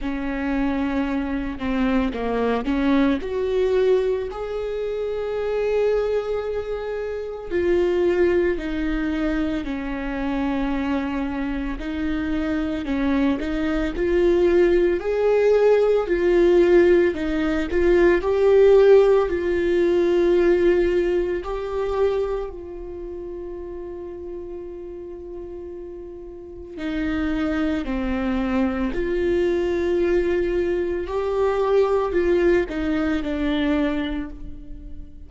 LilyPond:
\new Staff \with { instrumentName = "viola" } { \time 4/4 \tempo 4 = 56 cis'4. c'8 ais8 cis'8 fis'4 | gis'2. f'4 | dis'4 cis'2 dis'4 | cis'8 dis'8 f'4 gis'4 f'4 |
dis'8 f'8 g'4 f'2 | g'4 f'2.~ | f'4 dis'4 c'4 f'4~ | f'4 g'4 f'8 dis'8 d'4 | }